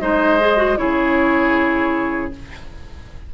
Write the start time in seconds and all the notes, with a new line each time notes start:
0.00 G#3 D#4 C5 D#5
0.40 G#4
0.56 F#4
0.77 C#3 E4 G#4 C#5